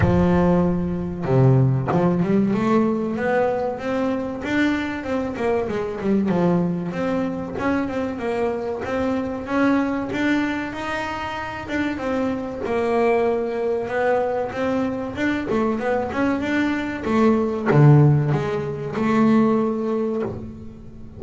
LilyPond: \new Staff \with { instrumentName = "double bass" } { \time 4/4 \tempo 4 = 95 f2 c4 f8 g8 | a4 b4 c'4 d'4 | c'8 ais8 gis8 g8 f4 c'4 | cis'8 c'8 ais4 c'4 cis'4 |
d'4 dis'4. d'8 c'4 | ais2 b4 c'4 | d'8 a8 b8 cis'8 d'4 a4 | d4 gis4 a2 | }